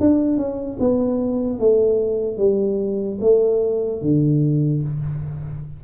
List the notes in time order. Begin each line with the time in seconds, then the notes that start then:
0.00 D4
0.37 C#4
0.80 B3
1.59 A3
2.38 G3
3.21 A3
4.02 D3